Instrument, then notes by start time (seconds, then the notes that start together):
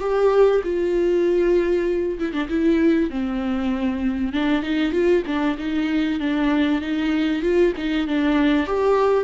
viola
0.00 G4
0.64 F4
2.19 E4
2.33 D4
2.49 E4
3.10 C4
4.33 D4
4.63 D#4
4.92 F4
5.26 D4
5.58 D#4
6.20 D4
6.81 D#4
7.42 F4
7.77 D#4
8.07 D4
8.66 G4